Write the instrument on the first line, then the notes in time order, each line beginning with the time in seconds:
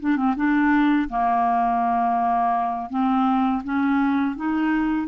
clarinet
0.00 D4
0.16 C4
0.36 D4
1.09 A#3
2.90 C4
3.63 C#4
4.36 D#4